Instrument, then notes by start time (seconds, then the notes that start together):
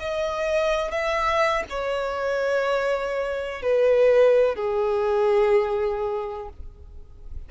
violin
0.00 D#5
0.91 E5
1.70 C#5
3.62 B4
4.55 G#4